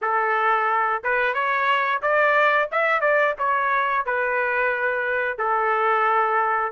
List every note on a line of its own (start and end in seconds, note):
0.01 1.02 A4
1.03 1.34 B4
1.34 2.01 C#5
2.01 2.69 D5
2.71 3.01 E5
3.01 3.34 D5
3.38 4.05 C#5
4.05 5.38 B4
5.38 6.72 A4